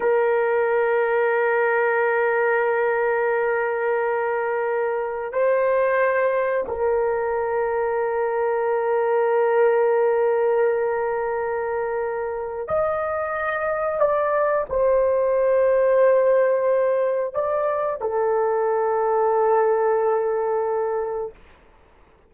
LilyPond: \new Staff \with { instrumentName = "horn" } { \time 4/4 \tempo 4 = 90 ais'1~ | ais'1 | c''2 ais'2~ | ais'1~ |
ais'2. dis''4~ | dis''4 d''4 c''2~ | c''2 d''4 a'4~ | a'1 | }